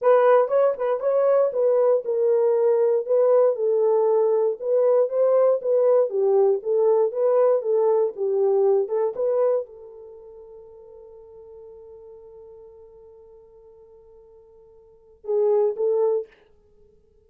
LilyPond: \new Staff \with { instrumentName = "horn" } { \time 4/4 \tempo 4 = 118 b'4 cis''8 b'8 cis''4 b'4 | ais'2 b'4 a'4~ | a'4 b'4 c''4 b'4 | g'4 a'4 b'4 a'4 |
g'4. a'8 b'4 a'4~ | a'1~ | a'1~ | a'2 gis'4 a'4 | }